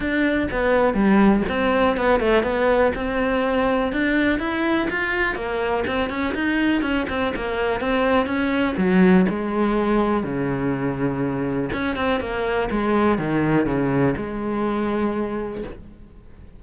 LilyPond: \new Staff \with { instrumentName = "cello" } { \time 4/4 \tempo 4 = 123 d'4 b4 g4 c'4 | b8 a8 b4 c'2 | d'4 e'4 f'4 ais4 | c'8 cis'8 dis'4 cis'8 c'8 ais4 |
c'4 cis'4 fis4 gis4~ | gis4 cis2. | cis'8 c'8 ais4 gis4 dis4 | cis4 gis2. | }